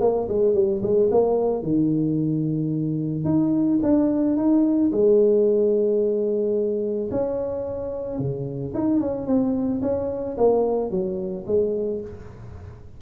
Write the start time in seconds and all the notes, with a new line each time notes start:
0.00 A#3
0.28 G#3
0.54 G3
0.83 G#3
1.11 A#3
1.63 D#3
3.25 D#4
3.83 D4
4.36 D#4
4.92 G#3
7.11 C#4
8.18 C#3
8.74 D#4
9.00 C#4
9.27 C4
9.82 C#4
10.37 A#3
10.90 F#3
11.46 G#3